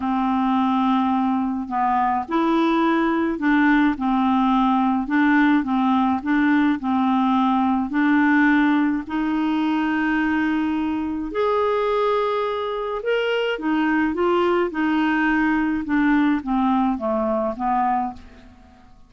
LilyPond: \new Staff \with { instrumentName = "clarinet" } { \time 4/4 \tempo 4 = 106 c'2. b4 | e'2 d'4 c'4~ | c'4 d'4 c'4 d'4 | c'2 d'2 |
dis'1 | gis'2. ais'4 | dis'4 f'4 dis'2 | d'4 c'4 a4 b4 | }